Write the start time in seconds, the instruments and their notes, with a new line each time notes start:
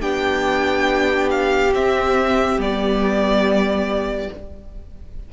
0.00 cello B3, viola D4, violin G4 G5
1.30 violin F5
1.73 cello C4, viola C4, violin E5
2.58 cello G3, viola B3, violin D5